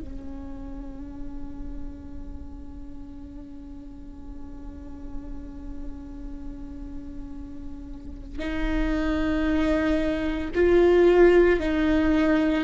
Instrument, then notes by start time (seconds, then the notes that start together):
viola
0.00 C#4
8.39 D#4
10.55 F4
11.60 D#4